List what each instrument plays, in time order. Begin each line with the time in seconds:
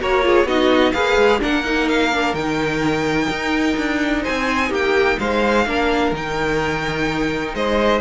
0.00 cello A#3, viola F#4, violin A#4 C#5
0.22 viola F4, violin G#4
0.44 cello B3, viola D#4, violin F#4 D#5
0.92 cello A#3, viola G#4, violin B4 F5
1.16 cello G#3
1.40 cello A#3, viola D4, violin A#4 F#5
1.64 viola D#4
1.88 violin F5
2.11 viola D4
2.33 cello D#3, viola D#4, violin G5
3.29 cello D#4
3.77 cello D4
4.22 violin C5 G#5
4.28 cello C4
4.69 cello A#3, violin G4 G5
5.19 cello G#3, violin C5 F5
5.66 cello A#3, viola D4, violin A#4
6.12 cello D#3, viola D#4, violin G5
7.54 cello G#3, violin C5 D#5